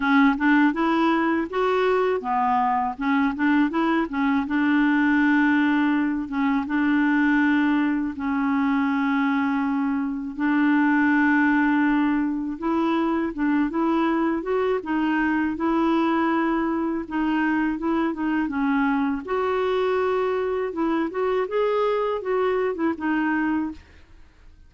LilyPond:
\new Staff \with { instrumentName = "clarinet" } { \time 4/4 \tempo 4 = 81 cis'8 d'8 e'4 fis'4 b4 | cis'8 d'8 e'8 cis'8 d'2~ | d'8 cis'8 d'2 cis'4~ | cis'2 d'2~ |
d'4 e'4 d'8 e'4 fis'8 | dis'4 e'2 dis'4 | e'8 dis'8 cis'4 fis'2 | e'8 fis'8 gis'4 fis'8. e'16 dis'4 | }